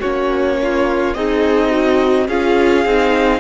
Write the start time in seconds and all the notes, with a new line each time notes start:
0.00 A#3 C#4 F#4 C#5
0.62 F4
1.13 C4 D#4 G#4 D#5
1.70 F#4
2.27 C#4 F4 G#4 F5
2.85 C4 D#4